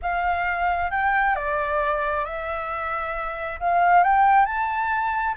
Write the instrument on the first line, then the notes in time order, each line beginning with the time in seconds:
flute
0.02 F5
0.90 G5
1.35 D5
2.25 E5
3.60 F5
4.03 G5
4.45 A5